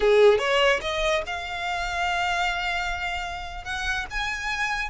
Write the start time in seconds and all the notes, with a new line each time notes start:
0.00 G#4
0.38 C#5
0.81 D#5
1.26 F5
3.64 F#5
4.10 G#5